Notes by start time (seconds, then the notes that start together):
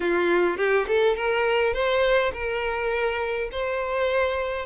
0.00 F4
0.57 G4
0.87 A4
1.16 A#4
1.73 C5
2.33 A#4
3.51 C5